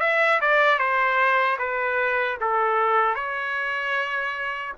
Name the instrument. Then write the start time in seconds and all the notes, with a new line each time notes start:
trumpet
0.00 E5
0.41 D5
0.78 C5
1.59 B4
2.40 A4
3.15 C#5